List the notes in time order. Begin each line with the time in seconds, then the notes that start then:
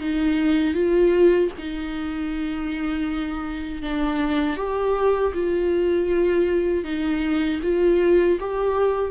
0.00 D#4
0.74 F4
1.58 D#4
3.82 D4
4.57 G4
5.34 F4
6.84 D#4
7.63 F4
8.40 G4